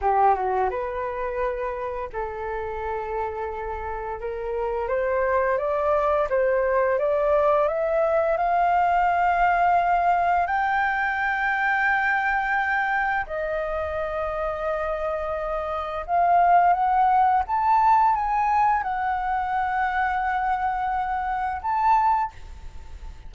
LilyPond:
\new Staff \with { instrumentName = "flute" } { \time 4/4 \tempo 4 = 86 g'8 fis'8 b'2 a'4~ | a'2 ais'4 c''4 | d''4 c''4 d''4 e''4 | f''2. g''4~ |
g''2. dis''4~ | dis''2. f''4 | fis''4 a''4 gis''4 fis''4~ | fis''2. a''4 | }